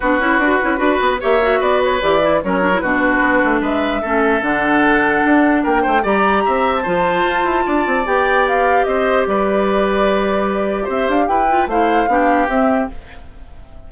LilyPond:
<<
  \new Staff \with { instrumentName = "flute" } { \time 4/4 \tempo 4 = 149 b'2. e''4 | d''8 cis''8 d''4 cis''4 b'4~ | b'4 e''2 fis''4~ | fis''2 g''4 ais''4~ |
ais''8. a''2.~ a''16 | g''4 f''4 dis''4 d''4~ | d''2. e''8 f''8 | g''4 f''2 e''4 | }
  \new Staff \with { instrumentName = "oboe" } { \time 4/4 fis'2 b'4 cis''4 | b'2 ais'4 fis'4~ | fis'4 b'4 a'2~ | a'2 ais'8 c''8 d''4 |
e''4 c''2 d''4~ | d''2 c''4 b'4~ | b'2. c''4 | b'4 c''4 g'2 | }
  \new Staff \with { instrumentName = "clarinet" } { \time 4/4 d'8 e'8 fis'8 e'8 fis'4 g'8 fis'8~ | fis'4 g'8 e'8 cis'8 d'16 e'16 d'4~ | d'2 cis'4 d'4~ | d'2. g'4~ |
g'4 f'2. | g'1~ | g'1~ | g'8 f'8 e'4 d'4 c'4 | }
  \new Staff \with { instrumentName = "bassoon" } { \time 4/4 b8 cis'8 d'8 cis'8 d'8 b8 ais4 | b4 e4 fis4 b,4 | b8 a8 gis4 a4 d4~ | d4 d'4 ais8 a8 g4 |
c'4 f4 f'8 e'8 d'8 c'8 | b2 c'4 g4~ | g2. c'8 d'8 | e'4 a4 b4 c'4 | }
>>